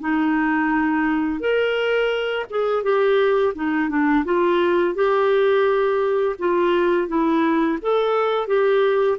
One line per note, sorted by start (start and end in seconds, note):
0.00 1.40 D#4
1.40 2.45 A#4
2.50 2.83 G#4
2.83 3.54 G4
3.55 3.89 D#4
3.89 4.24 D4
4.25 4.95 F4
4.95 6.36 G4
6.39 7.08 F4
7.08 7.78 E4
7.82 8.47 A4
8.47 9.18 G4